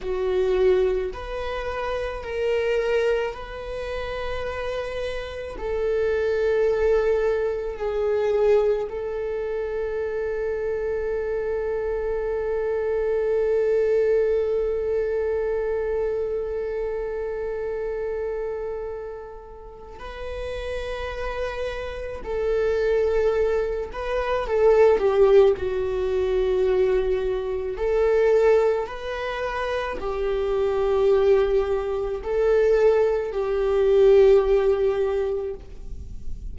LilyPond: \new Staff \with { instrumentName = "viola" } { \time 4/4 \tempo 4 = 54 fis'4 b'4 ais'4 b'4~ | b'4 a'2 gis'4 | a'1~ | a'1~ |
a'2 b'2 | a'4. b'8 a'8 g'8 fis'4~ | fis'4 a'4 b'4 g'4~ | g'4 a'4 g'2 | }